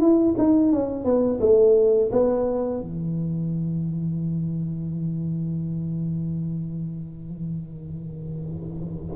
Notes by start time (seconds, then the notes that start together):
0.00 E4
0.38 D#4
0.73 C#4
1.04 B3
1.40 A3
2.12 B3
2.81 E3